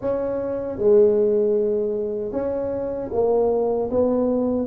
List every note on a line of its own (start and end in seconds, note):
0.01 0.78 C#4
0.78 2.32 G#3
2.32 3.10 C#4
3.12 3.90 A#3
3.90 4.66 B3